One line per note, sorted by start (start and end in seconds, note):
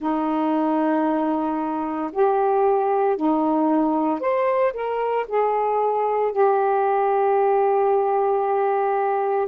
0.00 2.11 D#4
2.12 3.16 G4
3.16 4.20 D#4
4.20 4.72 C5
4.73 5.25 A#4
5.28 6.32 G#4
6.32 9.47 G4